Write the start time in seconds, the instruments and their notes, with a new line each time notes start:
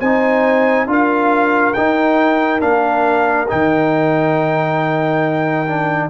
0.00 tuba C4, trombone D#4, horn C5, trumpet G#5
0.87 tuba D4, trombone F4, horn A#4, trumpet F5
1.73 trombone D#4, tuba D#4, trumpet G5
2.60 tuba A#3, trombone D4, trumpet F5
3.48 tuba D#3, trombone D#4, trumpet G5
5.66 trombone D4